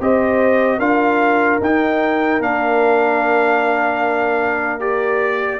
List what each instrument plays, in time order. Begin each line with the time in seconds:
0.00 tuba C4, trombone G4, horn C5, trumpet D#5
0.78 tuba D4, trombone F4, horn A#4, trumpet F5
1.60 tuba D#4, trombone D#4, trumpet G5
2.40 tuba A#3, trombone D4, trumpet F5
4.80 trombone G4, trumpet D5